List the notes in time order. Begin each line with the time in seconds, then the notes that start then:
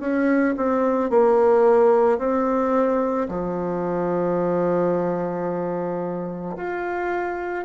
0.00 C#4
0.57 C4
1.10 A#3
2.18 C4
3.28 F3
6.56 F4